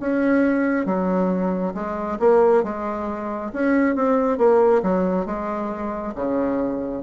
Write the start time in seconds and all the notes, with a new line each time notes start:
0.00 C#4
0.86 F#3
1.74 G#3
2.20 A#3
2.64 G#3
3.53 C#4
3.95 C4
4.38 A#3
4.83 F#3
5.26 G#3
6.15 C#3